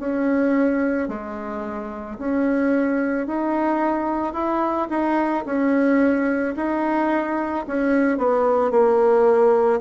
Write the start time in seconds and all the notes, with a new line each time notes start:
0.00 C#4
1.09 G#3
2.19 C#4
3.27 D#4
4.33 E4
4.90 D#4
5.46 C#4
6.57 D#4
7.68 C#4
8.18 B3
8.71 A#3